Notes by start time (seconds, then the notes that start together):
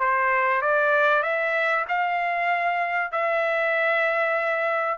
0.00 C5
0.62 D5
1.23 E5
1.89 F5
3.12 E5